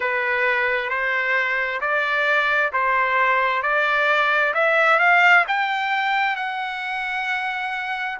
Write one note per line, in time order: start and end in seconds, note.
0.00 0.89 B4
0.89 1.80 C5
1.81 2.71 D5
2.72 3.62 C5
3.62 4.53 D5
4.53 4.99 E5
4.99 5.44 F5
5.48 6.36 G5
6.36 8.18 F#5